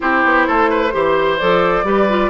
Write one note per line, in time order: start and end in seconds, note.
0.00 0.24 C4
0.00 0.91 E4
0.00 0.47 G4
0.00 1.38 C5
0.24 0.47 B3
0.47 0.94 A3
0.47 0.70 A4
0.70 0.93 B4
0.92 1.40 E3
0.92 1.38 G4
0.92 1.86 C5
1.38 1.83 F3
1.38 1.84 A4
1.38 2.30 D5
1.83 2.29 G3
1.83 2.07 G4
1.83 2.30 B4
2.09 2.30 F4